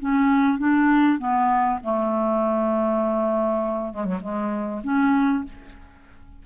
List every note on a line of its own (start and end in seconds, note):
0.00 0.59 C#4
0.59 1.19 D4
1.19 1.79 B3
1.83 3.94 A3
3.94 4.05 G#3
4.05 4.20 F#3
4.21 4.82 G#3
4.84 5.44 C#4